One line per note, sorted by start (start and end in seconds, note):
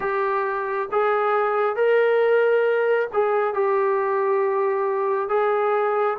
0.00 0.88 G4
0.91 1.76 G#4
1.76 3.08 A#4
3.13 3.54 G#4
3.54 5.29 G4
5.29 6.17 G#4